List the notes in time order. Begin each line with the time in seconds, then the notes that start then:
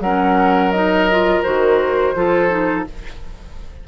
0.00 F#3 C#4 A#4 F#5
0.72 D#4 D#5
1.11 F4
1.43 D#3 F#4 C5
2.16 F3 F4 A4
2.50 D#4